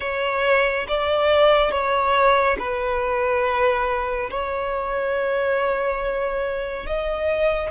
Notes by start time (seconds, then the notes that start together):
0.00 C#5
0.88 D5
1.71 C#5
2.58 B4
4.30 C#5
6.86 D#5